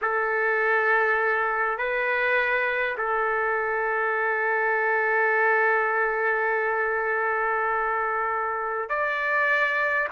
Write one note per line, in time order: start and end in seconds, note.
0.01 1.77 A4
1.77 2.96 B4
2.97 8.89 A4
8.89 10.08 D5